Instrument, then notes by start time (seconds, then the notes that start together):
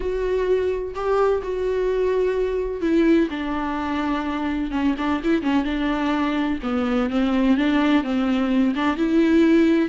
viola
0.00 F#4
0.94 G4
1.43 F#4
2.81 E4
3.30 D4
4.71 C#4
4.98 D4
5.23 E4
5.42 C#4
5.64 D4
6.62 B3
7.10 C4
7.57 D4
8.03 C4
8.75 D4
8.96 E4